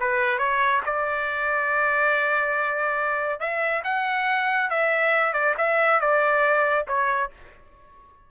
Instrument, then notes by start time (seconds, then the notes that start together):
trumpet
0.00 B4
0.39 C#5
0.86 D5
3.40 E5
3.84 F#5
4.70 E5
5.34 D5
5.58 E5
6.01 D5
6.88 C#5